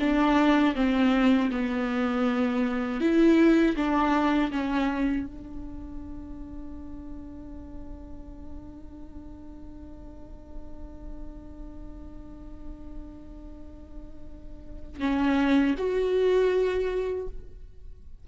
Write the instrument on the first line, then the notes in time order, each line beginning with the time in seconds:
viola
0.00 D4
0.76 C4
1.52 B3
3.01 E4
3.76 D4
4.52 C#4
5.26 D4
15.00 C#4
15.78 F#4